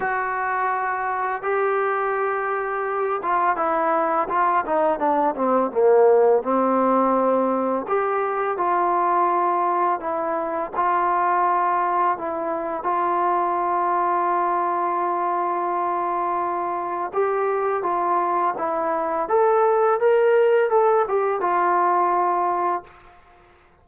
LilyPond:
\new Staff \with { instrumentName = "trombone" } { \time 4/4 \tempo 4 = 84 fis'2 g'2~ | g'8 f'8 e'4 f'8 dis'8 d'8 c'8 | ais4 c'2 g'4 | f'2 e'4 f'4~ |
f'4 e'4 f'2~ | f'1 | g'4 f'4 e'4 a'4 | ais'4 a'8 g'8 f'2 | }